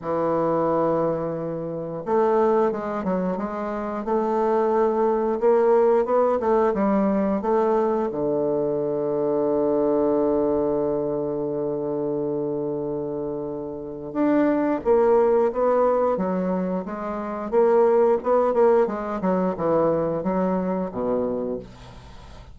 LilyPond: \new Staff \with { instrumentName = "bassoon" } { \time 4/4 \tempo 4 = 89 e2. a4 | gis8 fis8 gis4 a2 | ais4 b8 a8 g4 a4 | d1~ |
d1~ | d4 d'4 ais4 b4 | fis4 gis4 ais4 b8 ais8 | gis8 fis8 e4 fis4 b,4 | }